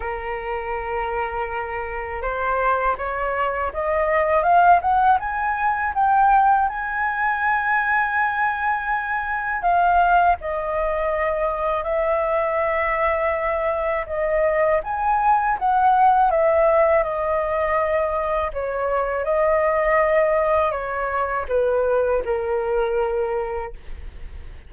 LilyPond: \new Staff \with { instrumentName = "flute" } { \time 4/4 \tempo 4 = 81 ais'2. c''4 | cis''4 dis''4 f''8 fis''8 gis''4 | g''4 gis''2.~ | gis''4 f''4 dis''2 |
e''2. dis''4 | gis''4 fis''4 e''4 dis''4~ | dis''4 cis''4 dis''2 | cis''4 b'4 ais'2 | }